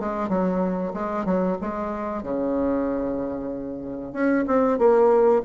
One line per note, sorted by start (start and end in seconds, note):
0.00 0.29 G#3
0.29 0.93 F#3
0.94 1.26 G#3
1.26 1.58 F#3
1.62 2.23 G#3
2.23 4.13 C#3
4.13 4.45 C#4
4.47 4.78 C4
4.78 5.42 A#3